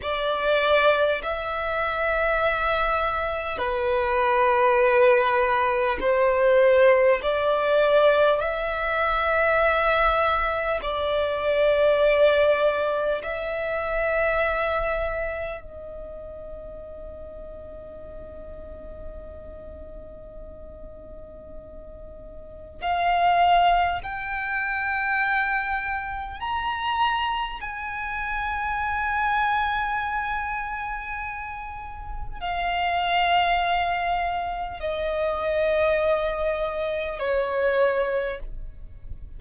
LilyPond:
\new Staff \with { instrumentName = "violin" } { \time 4/4 \tempo 4 = 50 d''4 e''2 b'4~ | b'4 c''4 d''4 e''4~ | e''4 d''2 e''4~ | e''4 dis''2.~ |
dis''2. f''4 | g''2 ais''4 gis''4~ | gis''2. f''4~ | f''4 dis''2 cis''4 | }